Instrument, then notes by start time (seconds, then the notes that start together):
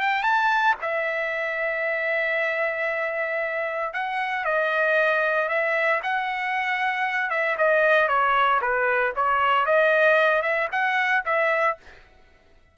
trumpet
0.00 G5
0.23 A5
0.82 E5
3.93 F#5
4.45 D#5
5.49 E5
6.03 F#5
7.30 E5
7.58 D#5
8.08 C#5
8.61 B4
9.16 C#5
9.66 D#5
10.42 E5
10.72 F#5
11.26 E5